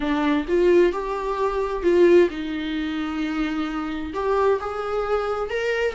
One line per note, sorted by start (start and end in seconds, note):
0.00 0.45 D4
0.48 0.92 F4
0.92 1.83 G4
1.83 2.28 F4
2.30 4.13 D#4
4.13 4.59 G4
4.60 5.49 G#4
5.49 5.94 A#4